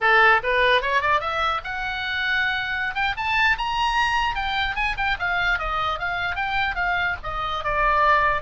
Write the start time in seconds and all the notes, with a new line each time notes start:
0.00 A4
0.43 B4
0.81 C#5
1.01 D5
1.20 E5
1.64 F#5
2.94 G5
3.16 A5
3.57 A#5
4.35 G5
4.75 G#5
4.97 G5
5.19 F5
5.58 D#5
5.99 F5
6.35 G5
6.75 F5
7.23 D#5
7.64 D5